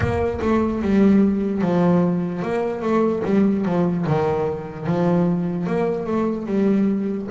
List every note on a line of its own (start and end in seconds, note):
0.00 0.40 A#3
0.41 0.81 A3
0.81 1.61 G3
1.61 2.42 F3
2.42 2.82 A#3
2.82 3.22 A3
3.24 3.65 G3
3.65 4.05 F3
4.06 4.86 D#3
4.86 5.66 F3
5.66 6.06 A#3
6.06 6.46 A3
6.46 7.27 G3